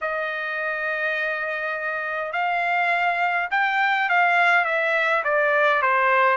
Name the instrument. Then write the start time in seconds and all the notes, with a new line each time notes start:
trumpet
0.01 D#5
2.32 F5
3.51 G5
4.09 F5
4.64 E5
5.23 D5
5.82 C5